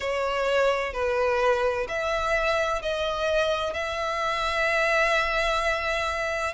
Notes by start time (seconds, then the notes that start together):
0.00 C#5
0.93 B4
1.88 E5
2.81 D#5
3.73 E5